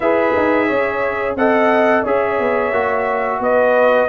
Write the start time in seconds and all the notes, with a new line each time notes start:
0.00 E4 G#4 B4 E5
0.36 D#4
0.67 C#4 C#5
1.35 C4 A4 D#5 F#5
2.03 C#4 G#4 C#5 E5
2.39 B3
2.72 A#3 F#4
3.39 B3 B4 D#5